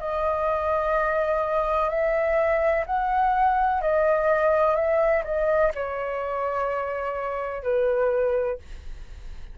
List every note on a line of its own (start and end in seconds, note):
0.00 1.90 D#5
1.90 2.85 E5
2.87 3.81 F#5
3.81 4.75 D#5
4.75 5.23 E5
5.24 5.72 D#5
5.74 7.63 C#5
7.63 8.58 B4